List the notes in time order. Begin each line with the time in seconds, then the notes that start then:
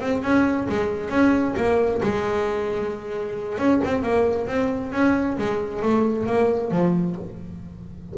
0.00 C4
0.22 C#4
0.69 G#3
1.10 C#4
1.56 A#3
2.03 G#3
3.58 C#4
3.84 C4
4.02 A#3
4.47 C4
4.92 C#4
5.38 G#3
5.82 A3
6.26 A#3
6.71 F3